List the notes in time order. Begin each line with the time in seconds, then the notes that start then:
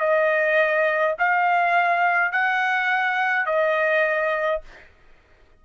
0.00 D#5
1.19 F5
2.32 F#5
3.46 D#5